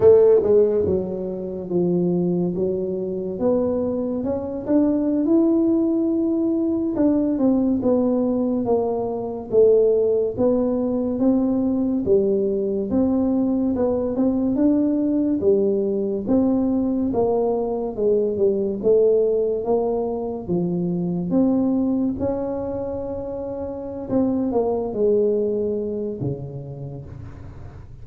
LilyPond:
\new Staff \with { instrumentName = "tuba" } { \time 4/4 \tempo 4 = 71 a8 gis8 fis4 f4 fis4 | b4 cis'8 d'8. e'4.~ e'16~ | e'16 d'8 c'8 b4 ais4 a8.~ | a16 b4 c'4 g4 c'8.~ |
c'16 b8 c'8 d'4 g4 c'8.~ | c'16 ais4 gis8 g8 a4 ais8.~ | ais16 f4 c'4 cis'4.~ cis'16~ | cis'8 c'8 ais8 gis4. cis4 | }